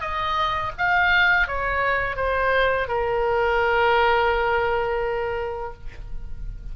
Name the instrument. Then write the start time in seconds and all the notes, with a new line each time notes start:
oboe
0.00 D#5
0.77 F5
1.47 C#5
2.16 C5
2.87 A#4